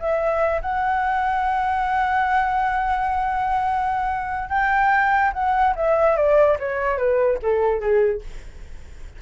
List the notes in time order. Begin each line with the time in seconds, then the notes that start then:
0.00 E5
0.62 F#5
4.50 G5
5.34 F#5
5.76 E5
6.17 D5
6.60 C#5
6.98 B4
7.43 A4
7.81 G#4